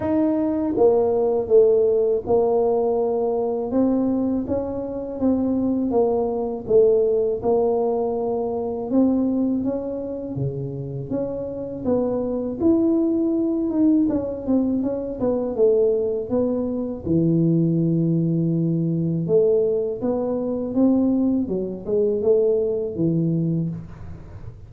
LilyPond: \new Staff \with { instrumentName = "tuba" } { \time 4/4 \tempo 4 = 81 dis'4 ais4 a4 ais4~ | ais4 c'4 cis'4 c'4 | ais4 a4 ais2 | c'4 cis'4 cis4 cis'4 |
b4 e'4. dis'8 cis'8 c'8 | cis'8 b8 a4 b4 e4~ | e2 a4 b4 | c'4 fis8 gis8 a4 e4 | }